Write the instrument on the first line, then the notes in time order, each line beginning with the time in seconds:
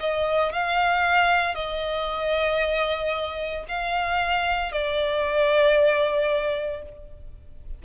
violin
0.00 D#5
0.53 F5
1.55 D#5
3.68 F5
4.72 D5